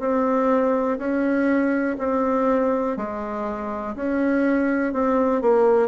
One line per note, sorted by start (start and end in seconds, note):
0.00 0.98 C4
0.99 1.97 C#4
1.99 2.97 C4
2.97 3.95 G#3
3.96 4.94 C#4
4.94 5.42 C4
5.42 5.88 A#3